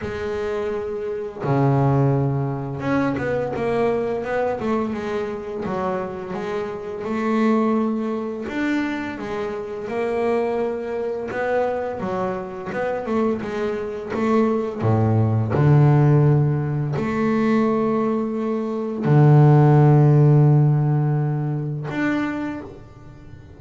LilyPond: \new Staff \with { instrumentName = "double bass" } { \time 4/4 \tempo 4 = 85 gis2 cis2 | cis'8 b8 ais4 b8 a8 gis4 | fis4 gis4 a2 | d'4 gis4 ais2 |
b4 fis4 b8 a8 gis4 | a4 a,4 d2 | a2. d4~ | d2. d'4 | }